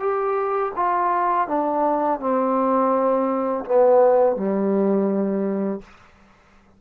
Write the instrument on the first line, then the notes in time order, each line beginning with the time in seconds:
trombone
0.00 G4
0.76 F4
1.48 D4
2.20 C4
3.65 B3
4.37 G3